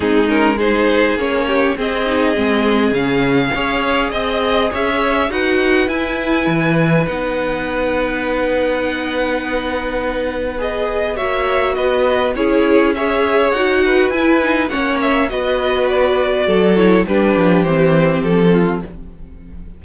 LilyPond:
<<
  \new Staff \with { instrumentName = "violin" } { \time 4/4 \tempo 4 = 102 gis'8 ais'8 c''4 cis''4 dis''4~ | dis''4 f''2 dis''4 | e''4 fis''4 gis''2 | fis''1~ |
fis''2 dis''4 e''4 | dis''4 cis''4 e''4 fis''4 | gis''4 fis''8 e''8 dis''4 d''4~ | d''8 cis''8 b'4 c''4 a'4 | }
  \new Staff \with { instrumentName = "violin" } { \time 4/4 dis'4 gis'4. g'8 gis'4~ | gis'2 cis''4 dis''4 | cis''4 b'2.~ | b'1~ |
b'2. cis''4 | b'4 gis'4 cis''4. b'8~ | b'4 cis''4 b'2 | a'4 g'2~ g'8 f'8 | }
  \new Staff \with { instrumentName = "viola" } { \time 4/4 c'8 cis'8 dis'4 cis'4 c'8 dis'8 | c'4 cis'4 gis'2~ | gis'4 fis'4 e'2 | dis'1~ |
dis'2 gis'4 fis'4~ | fis'4 e'4 gis'4 fis'4 | e'8 dis'8 cis'4 fis'2~ | fis'8 e'8 d'4 c'2 | }
  \new Staff \with { instrumentName = "cello" } { \time 4/4 gis2 ais4 c'4 | gis4 cis4 cis'4 c'4 | cis'4 dis'4 e'4 e4 | b1~ |
b2. ais4 | b4 cis'2 dis'4 | e'4 ais4 b2 | fis4 g8 f8 e4 f4 | }
>>